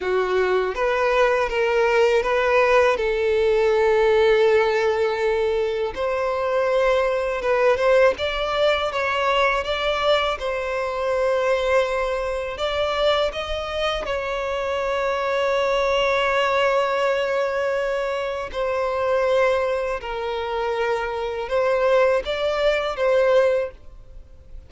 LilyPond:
\new Staff \with { instrumentName = "violin" } { \time 4/4 \tempo 4 = 81 fis'4 b'4 ais'4 b'4 | a'1 | c''2 b'8 c''8 d''4 | cis''4 d''4 c''2~ |
c''4 d''4 dis''4 cis''4~ | cis''1~ | cis''4 c''2 ais'4~ | ais'4 c''4 d''4 c''4 | }